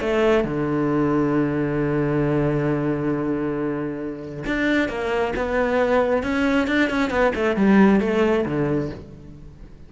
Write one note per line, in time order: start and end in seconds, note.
0.00 0.44 A3
0.44 4.44 D3
4.46 4.88 D4
4.88 5.33 A#3
5.35 6.23 B3
6.23 6.67 C#4
6.67 6.89 D4
6.89 7.10 C#4
7.10 7.32 B3
7.35 7.56 A3
7.56 8.00 G3
8.00 8.44 A3
8.45 8.89 D3